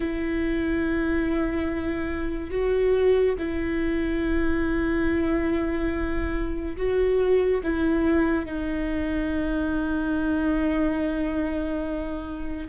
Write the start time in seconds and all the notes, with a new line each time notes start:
0.00 E4
2.50 F#4
3.38 E4
6.76 F#4
7.63 E4
8.45 D#4